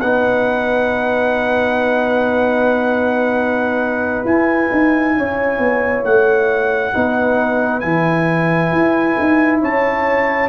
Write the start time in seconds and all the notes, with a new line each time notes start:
0.00 B3 D#4 B4 F#5
4.24 E4 G#5
4.71 D#4
5.16 C#4 C#5
5.58 B3
6.04 A3 F#5
6.93 B3 D#4 B4
7.80 E3 E4 G#5
8.72 E4
9.20 D#4
9.61 C#4 C#5 A5